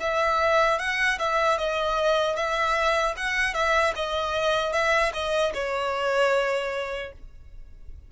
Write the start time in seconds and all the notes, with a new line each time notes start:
0.00 E5
0.79 F#5
1.18 E5
1.58 D#5
2.36 E5
3.17 F#5
3.54 E5
3.95 D#5
4.73 E5
5.13 D#5
5.54 C#5